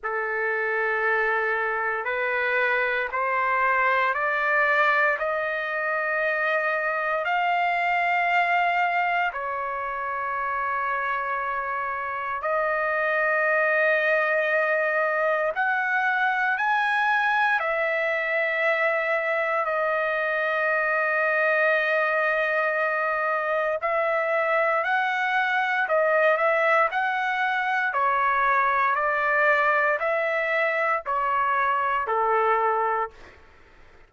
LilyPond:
\new Staff \with { instrumentName = "trumpet" } { \time 4/4 \tempo 4 = 58 a'2 b'4 c''4 | d''4 dis''2 f''4~ | f''4 cis''2. | dis''2. fis''4 |
gis''4 e''2 dis''4~ | dis''2. e''4 | fis''4 dis''8 e''8 fis''4 cis''4 | d''4 e''4 cis''4 a'4 | }